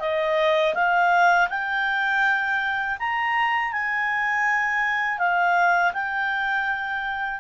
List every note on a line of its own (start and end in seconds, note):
0.00 0.74 D#5
0.74 1.48 F5
1.49 2.98 G5
2.99 3.72 A#5
3.72 5.18 G#5
5.18 5.92 F5
5.93 7.40 G5